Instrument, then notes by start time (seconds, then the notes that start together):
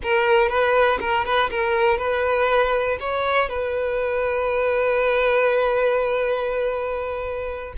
violin
0.02 A#4
0.48 B4
1.00 A#4
1.25 B4
1.50 A#4
1.97 B4
3.00 C#5
3.49 B4